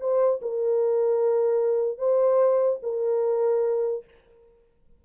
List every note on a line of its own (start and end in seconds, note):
0.00 0.41 C5
0.41 1.98 A#4
1.98 2.79 C5
2.82 4.04 A#4